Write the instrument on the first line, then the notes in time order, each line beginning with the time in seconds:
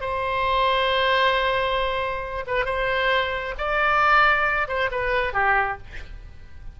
oboe
0.00 C5
2.46 B4
2.65 C5
3.58 D5
4.67 C5
4.91 B4
5.33 G4